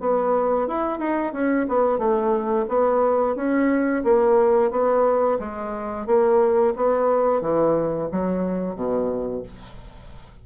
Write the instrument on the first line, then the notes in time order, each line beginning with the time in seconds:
bassoon
0.00 B3
0.67 E4
0.99 D#4
1.33 C#4
1.68 B3
1.98 A3
2.68 B3
3.36 C#4
4.04 A#3
4.71 B3
5.39 G#3
6.06 A#3
6.76 B3
7.41 E3
8.11 F#3
8.75 B2